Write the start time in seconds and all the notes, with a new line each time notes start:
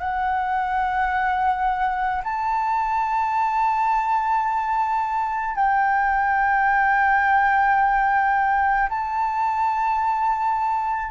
0.00 F#5
2.24 A5
5.56 G5
8.90 A5